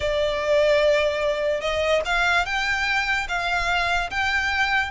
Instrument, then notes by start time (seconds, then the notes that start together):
violin
0.00 D5
1.60 D#5
2.05 F5
2.45 G5
3.28 F5
4.10 G5